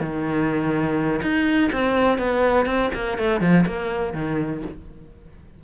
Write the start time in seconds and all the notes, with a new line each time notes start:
0.00 D#3
1.22 D#4
1.72 C4
2.18 B3
2.66 C4
2.94 A#3
3.18 A3
3.40 F3
3.66 A#3
4.13 D#3